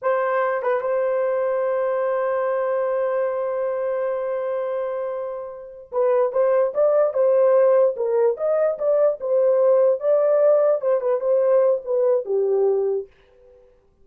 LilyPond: \new Staff \with { instrumentName = "horn" } { \time 4/4 \tempo 4 = 147 c''4. b'8 c''2~ | c''1~ | c''1~ | c''2~ c''8 b'4 c''8~ |
c''8 d''4 c''2 ais'8~ | ais'8 dis''4 d''4 c''4.~ | c''8 d''2 c''8 b'8 c''8~ | c''4 b'4 g'2 | }